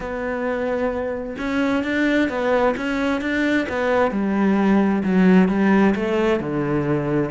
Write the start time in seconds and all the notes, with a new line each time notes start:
0.00 B3
1.38 C#4
1.83 D4
2.29 B3
2.76 C#4
3.21 D4
3.68 B3
4.11 G3
5.03 F#3
5.48 G3
5.95 A3
6.40 D3